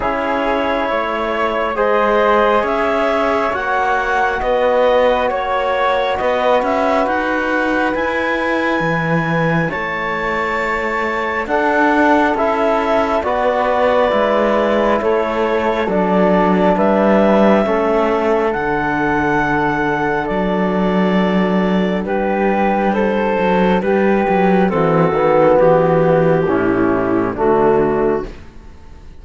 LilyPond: <<
  \new Staff \with { instrumentName = "clarinet" } { \time 4/4 \tempo 4 = 68 cis''2 dis''4 e''4 | fis''4 dis''4 cis''4 dis''8 e''8 | fis''4 gis''2 a''4~ | a''4 fis''4 e''4 d''4~ |
d''4 cis''4 d''4 e''4~ | e''4 fis''2 d''4~ | d''4 b'4 c''4 b'4 | a'4 g'2 fis'4 | }
  \new Staff \with { instrumentName = "flute" } { \time 4/4 gis'4 cis''4 c''4 cis''4~ | cis''4 b'4 cis''4 b'4~ | b'2. cis''4~ | cis''4 a'2 b'4~ |
b'4 a'2 b'4 | a'1~ | a'4 g'4 a'4 g'4 | fis'2 e'4 d'4 | }
  \new Staff \with { instrumentName = "trombone" } { \time 4/4 e'2 gis'2 | fis'1~ | fis'4 e'2.~ | e'4 d'4 e'4 fis'4 |
e'2 d'2 | cis'4 d'2.~ | d'1 | c'8 b4. cis'4 a4 | }
  \new Staff \with { instrumentName = "cello" } { \time 4/4 cis'4 a4 gis4 cis'4 | ais4 b4 ais4 b8 cis'8 | dis'4 e'4 e4 a4~ | a4 d'4 cis'4 b4 |
gis4 a4 fis4 g4 | a4 d2 fis4~ | fis4 g4. fis8 g8 fis8 | e8 dis8 e4 a,4 d4 | }
>>